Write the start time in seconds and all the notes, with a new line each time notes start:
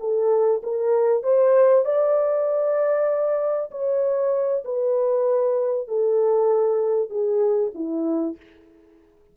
0.00 A4
0.63 A#4
1.23 C5
1.85 D5
3.71 C#5
4.65 B4
5.88 A4
7.10 G#4
7.75 E4